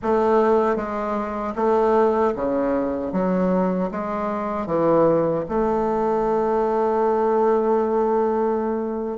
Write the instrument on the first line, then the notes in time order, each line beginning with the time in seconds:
bassoon
0.02 A3
0.75 G#3
1.55 A3
2.35 C#3
3.12 F#3
3.91 G#3
4.66 E3
5.48 A3